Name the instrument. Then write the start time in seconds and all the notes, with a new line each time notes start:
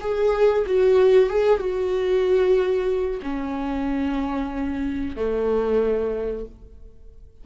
viola
0.00 G#4
0.66 F#4
1.29 G#4
1.59 F#4
3.22 C#4
5.16 A3